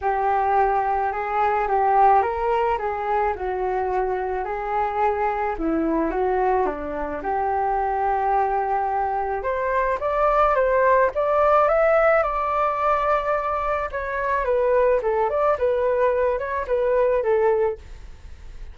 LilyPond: \new Staff \with { instrumentName = "flute" } { \time 4/4 \tempo 4 = 108 g'2 gis'4 g'4 | ais'4 gis'4 fis'2 | gis'2 e'4 fis'4 | d'4 g'2.~ |
g'4 c''4 d''4 c''4 | d''4 e''4 d''2~ | d''4 cis''4 b'4 a'8 d''8 | b'4. cis''8 b'4 a'4 | }